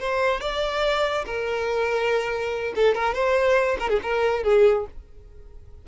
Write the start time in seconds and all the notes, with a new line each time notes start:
0.00 C5
0.41 D5
1.26 A#4
2.76 A4
2.95 A#4
3.14 C5
3.80 A#4
3.90 G#4
4.03 A#4
4.44 G#4